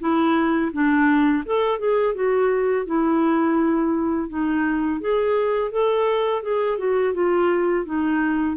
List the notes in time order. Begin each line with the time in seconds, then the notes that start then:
0.00 E4
0.73 D4
1.45 A4
1.79 G#4
2.15 F#4
2.86 E4
4.29 D#4
5.01 G#4
5.72 A4
6.43 G#4
6.79 F#4
7.14 F4
7.86 D#4